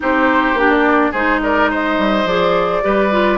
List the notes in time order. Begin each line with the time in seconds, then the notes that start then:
0.00 C4 D#4 G4 C5
0.53 A#3 D4 G4
0.70 D5
1.11 G#3 D#4 G#4 C5
1.42 A#4 D5
1.70 C5 D#5
1.98 G3
2.24 F3 G#4 D5
2.82 G3 G4 B4
3.11 F4